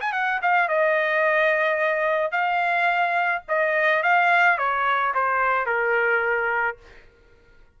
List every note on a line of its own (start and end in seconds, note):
0.00 0.12 G#5
0.12 0.40 F#5
0.42 0.68 F5
0.68 2.31 D#5
2.31 3.42 F5
3.48 4.02 D#5
4.02 4.58 F5
4.58 5.13 C#5
5.14 5.66 C5
5.66 6.77 A#4